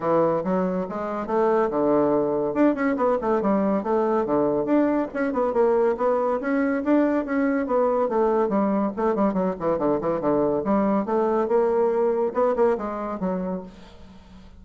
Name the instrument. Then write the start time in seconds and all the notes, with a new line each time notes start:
bassoon
0.00 E3
0.44 F#3
0.89 G#3
1.26 A3
1.70 D3
2.54 D4
2.74 C#4
2.96 B3
3.21 A3
3.41 G3
3.83 A3
4.25 D3
4.65 D4
5.13 C#4
5.32 B3
5.53 A#3
5.97 B3
6.40 C#4
6.83 D4
7.25 C#4
7.66 B3
8.09 A3
8.49 G3
8.96 A3
9.15 G3
9.33 F#3
9.59 E3
9.78 D3
10.01 E3
10.20 D3
10.64 G3
11.05 A3
11.47 A#3
12.33 B3
12.55 A#3
12.77 G#3
13.20 F#3